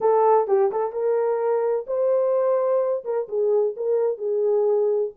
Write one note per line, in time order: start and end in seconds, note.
0.00 0.47 A4
0.47 0.71 G4
0.71 0.92 A4
0.92 1.86 A#4
1.86 3.04 C5
3.04 3.28 A#4
3.28 3.75 G#4
3.76 4.17 A#4
4.17 5.11 G#4